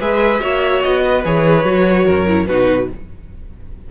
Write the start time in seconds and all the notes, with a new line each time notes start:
0.00 G#3 G#4 B4 E5
0.40 A#3 F#4 C#5
0.82 B3 D#5
1.05 B4
1.24 E3 G#4 C#5
1.64 F#3 F#4
2.05 F#2 A#4
2.27 E4
2.47 B2 D#4 F#4 B4